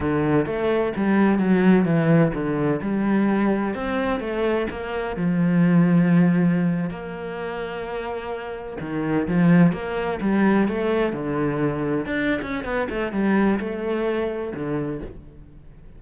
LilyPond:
\new Staff \with { instrumentName = "cello" } { \time 4/4 \tempo 4 = 128 d4 a4 g4 fis4 | e4 d4 g2 | c'4 a4 ais4 f4~ | f2~ f8. ais4~ ais16~ |
ais2~ ais8. dis4 f16~ | f8. ais4 g4 a4 d16~ | d4.~ d16 d'8. cis'8 b8 a8 | g4 a2 d4 | }